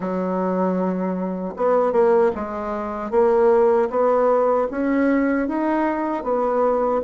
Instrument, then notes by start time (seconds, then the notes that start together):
bassoon
0.00 F#3
1.56 B3
1.92 A#3
2.35 G#3
3.11 A#3
3.90 B3
4.70 C#4
5.48 D#4
6.23 B3